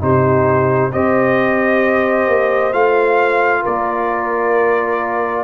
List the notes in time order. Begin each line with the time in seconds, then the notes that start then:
0.00 C3 D#4 G4 C5
0.92 C4 G4 C5 D#5
2.27 A#3
2.72 A3 F4 F5
3.62 A#3 A#4 D5